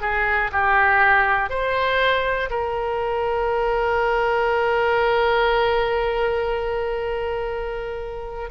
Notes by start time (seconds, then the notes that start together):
0.00 G#4
0.51 G4
1.50 C5
2.50 A#4